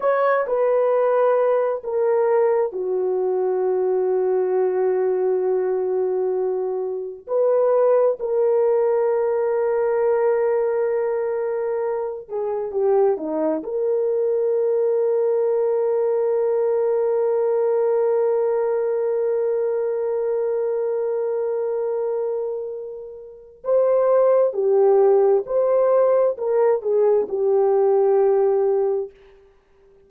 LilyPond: \new Staff \with { instrumentName = "horn" } { \time 4/4 \tempo 4 = 66 cis''8 b'4. ais'4 fis'4~ | fis'1 | b'4 ais'2.~ | ais'4. gis'8 g'8 dis'8 ais'4~ |
ais'1~ | ais'1~ | ais'2 c''4 g'4 | c''4 ais'8 gis'8 g'2 | }